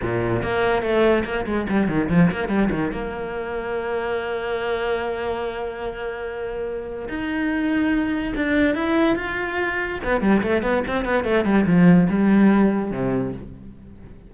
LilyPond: \new Staff \with { instrumentName = "cello" } { \time 4/4 \tempo 4 = 144 ais,4 ais4 a4 ais8 gis8 | g8 dis8 f8 ais8 g8 dis8 ais4~ | ais1~ | ais1~ |
ais4 dis'2. | d'4 e'4 f'2 | b8 g8 a8 b8 c'8 b8 a8 g8 | f4 g2 c4 | }